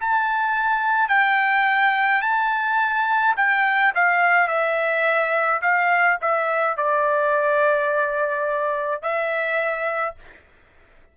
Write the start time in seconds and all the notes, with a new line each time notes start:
0.00 A5
1.08 G5
2.21 A5
3.37 G5
3.95 F5
4.47 E5
5.61 F5
6.21 E5
6.77 D5
9.02 E5